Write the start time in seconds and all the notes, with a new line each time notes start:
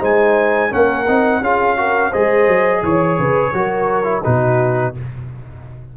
0.00 G#3 D#4 C5 G#5
0.70 A#3 C#4 A#4 F#5
1.08 C4 D#4
1.41 C#4 F4 G#4 F5
1.77 F#4 A#4
2.10 G#3 G#4 C5 D#5
2.47 F#3
2.83 E3 C#5
3.19 C#3 B4
3.53 F#3 F#4 A#4
4.04 E4
4.24 B2 D#4 F#4 B4